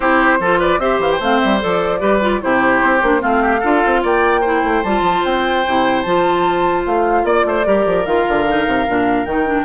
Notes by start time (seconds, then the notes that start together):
0.00 C4 E4 G4 C5
0.39 F3 F4 A4
0.59 B4 D5
0.78 C4 G4 C5 E5
0.99 E3 F5
1.11 G5
1.19 A3 C4 F5
1.39 G3 E5
1.60 F3 A4 D5
1.99 G3 G4 B4
2.21 F4
2.41 C3 E4 G4 C5
2.82 C4
3.02 A#3 D4
3.19 A3 C4 F4 F5
3.41 G4
3.60 D4 F4 A4
3.86 C4
4.02 A#3 D5 G5
4.40 E4 C5
4.63 A3
4.83 G3 F4 A5
5.01 F3
5.24 C4 G5
5.67 C3 E4
6.02 F3 F4 A5
6.85 A3 F5
7.23 A#3 D5
7.45 A3 C5
7.65 G3 G4 A#4
7.86 F3
8.05 D#3 F4 F5
8.28 D3
8.47 D#4
8.66 C3
8.87 A#2 D4
9.25 D#3 D#4 G5
9.46 D4